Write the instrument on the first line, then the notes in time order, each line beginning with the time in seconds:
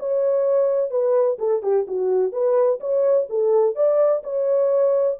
horn
0.00 C#5
0.91 B4
1.39 A4
1.63 G4
1.88 F#4
2.33 B4
2.81 C#5
3.30 A4
3.76 D5
4.24 C#5